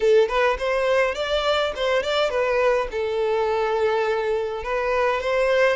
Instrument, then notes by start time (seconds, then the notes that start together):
violin
0.00 A4
0.28 B4
0.58 C5
1.15 D5
1.75 C5
2.02 D5
2.30 B4
2.91 A4
4.63 B4
5.21 C5